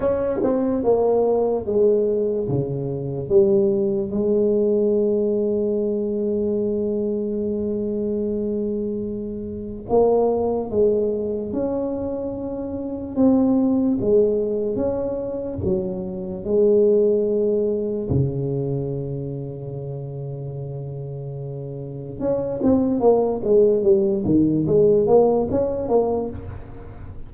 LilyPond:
\new Staff \with { instrumentName = "tuba" } { \time 4/4 \tempo 4 = 73 cis'8 c'8 ais4 gis4 cis4 | g4 gis2.~ | gis1 | ais4 gis4 cis'2 |
c'4 gis4 cis'4 fis4 | gis2 cis2~ | cis2. cis'8 c'8 | ais8 gis8 g8 dis8 gis8 ais8 cis'8 ais8 | }